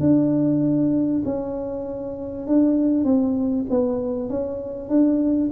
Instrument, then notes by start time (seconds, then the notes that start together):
tuba
0.00 D4
1.25 C#4
2.47 D4
3.04 C4
3.70 B3
4.29 C#4
4.89 D4